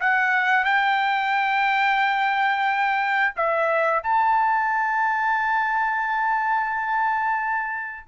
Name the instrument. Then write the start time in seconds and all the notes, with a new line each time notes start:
trumpet
0.00 F#5
0.65 G5
3.36 E5
4.03 A5